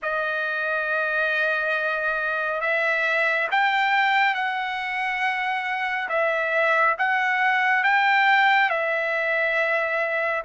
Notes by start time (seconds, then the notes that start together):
0.02 D#5
2.60 E5
3.51 G5
4.34 F#5
6.09 E5
6.98 F#5
7.83 G5
8.69 E5